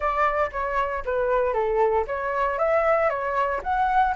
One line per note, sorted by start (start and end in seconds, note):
0.00 0.50 D5
0.51 1.03 C#5
1.05 1.53 B4
1.53 2.05 A4
2.07 2.58 C#5
2.58 3.09 E5
3.09 3.61 C#5
3.63 4.14 F#5